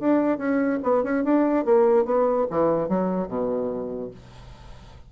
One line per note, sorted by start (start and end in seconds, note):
0.00 0.38 D4
0.38 0.79 C#4
0.84 1.04 B3
1.04 1.24 C#4
1.24 1.66 D4
1.66 2.05 A#3
2.05 2.47 B3
2.51 2.89 E3
2.89 3.28 F#3
3.28 4.11 B2